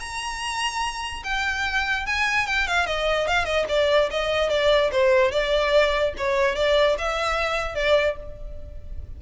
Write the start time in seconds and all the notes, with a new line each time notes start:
0.00 A#5
1.24 G5
2.06 G#5
2.47 G5
2.67 F5
2.87 D#5
3.28 F5
3.45 D#5
3.69 D5
4.11 D#5
4.49 D5
4.92 C5
5.32 D5
6.18 C#5
6.55 D5
6.98 E5
7.75 D5